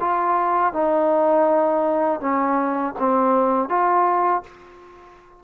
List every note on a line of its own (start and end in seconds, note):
0.00 0.73 F4
0.73 2.20 D#4
2.20 2.94 C#4
2.99 3.69 C4
3.69 4.43 F4